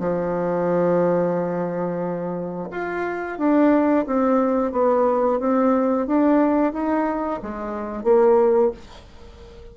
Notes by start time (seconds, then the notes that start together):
0.00 F3
2.71 F4
3.39 D4
4.07 C4
4.73 B3
5.40 C4
6.07 D4
6.73 D#4
7.43 G#3
8.04 A#3